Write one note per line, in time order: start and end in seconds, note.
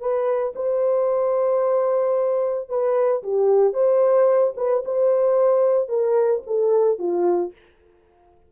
0.00 0.54 B4
0.56 2.69 C5
2.69 3.23 B4
3.23 3.74 G4
3.74 4.54 C5
4.57 4.83 B4
4.85 5.89 C5
5.89 6.42 A#4
6.47 6.99 A4
6.99 7.52 F4